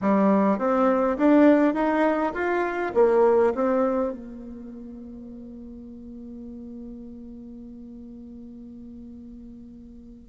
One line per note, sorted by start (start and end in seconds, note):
0.01 0.58 G3
0.58 1.17 C4
1.17 1.74 D4
1.74 2.32 D#4
2.33 2.92 F4
2.94 3.53 A#3
3.54 4.12 C4
4.12 10.28 A#3